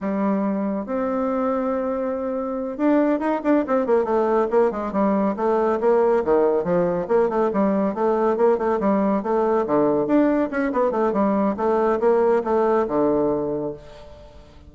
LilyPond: \new Staff \with { instrumentName = "bassoon" } { \time 4/4 \tempo 4 = 140 g2 c'2~ | c'2~ c'8 d'4 dis'8 | d'8 c'8 ais8 a4 ais8 gis8 g8~ | g8 a4 ais4 dis4 f8~ |
f8 ais8 a8 g4 a4 ais8 | a8 g4 a4 d4 d'8~ | d'8 cis'8 b8 a8 g4 a4 | ais4 a4 d2 | }